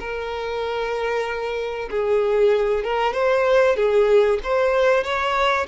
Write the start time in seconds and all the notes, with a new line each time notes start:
0.00 A#4
1.90 G#4
2.84 A#4
3.13 C5
3.76 G#4
4.44 C5
5.04 C#5